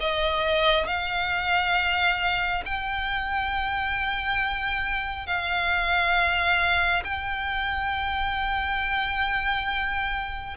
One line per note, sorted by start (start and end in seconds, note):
0.00 0.87 D#5
0.87 2.63 F5
2.66 5.26 G5
5.26 7.03 F5
7.04 10.57 G5